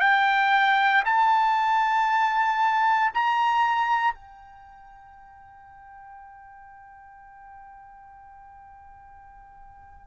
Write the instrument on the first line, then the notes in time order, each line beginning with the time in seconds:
trumpet
0.00 G5
1.05 A5
3.14 A#5
4.14 G5